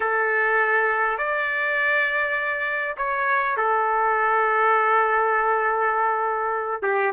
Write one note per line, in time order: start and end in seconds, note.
0.00 1.17 A4
1.17 2.96 D5
2.97 3.56 C#5
3.56 6.82 A4
6.82 7.12 G4